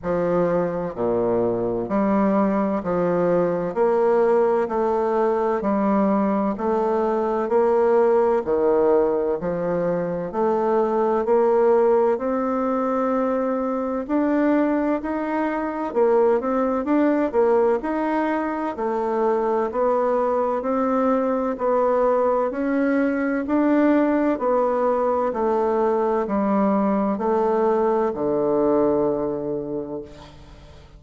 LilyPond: \new Staff \with { instrumentName = "bassoon" } { \time 4/4 \tempo 4 = 64 f4 ais,4 g4 f4 | ais4 a4 g4 a4 | ais4 dis4 f4 a4 | ais4 c'2 d'4 |
dis'4 ais8 c'8 d'8 ais8 dis'4 | a4 b4 c'4 b4 | cis'4 d'4 b4 a4 | g4 a4 d2 | }